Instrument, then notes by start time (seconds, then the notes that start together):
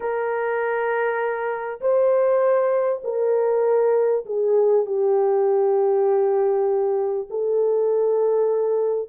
horn
0.00 A#4
1.80 C5
3.04 A#4
4.25 G#4
4.86 G4
7.29 A4